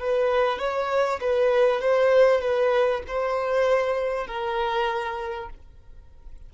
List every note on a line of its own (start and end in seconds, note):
0.00 0.59 B4
0.59 1.20 C#5
1.21 1.81 B4
1.81 2.41 C5
2.41 3.02 B4
3.08 4.27 C5
4.27 5.50 A#4